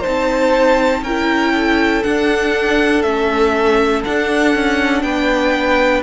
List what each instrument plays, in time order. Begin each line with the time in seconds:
0.00 viola D#4, violin C5 A5
0.06 cello C4
1.02 cello C#4, viola E4, violin A#4 G5
1.53 violin A4
2.03 viola D4, cello D4, violin F#5
3.02 cello A3, viola C#4, violin E5
4.04 viola D4, cello D4, violin F#5
4.55 cello C#4
5.03 cello B3, violin B4 G5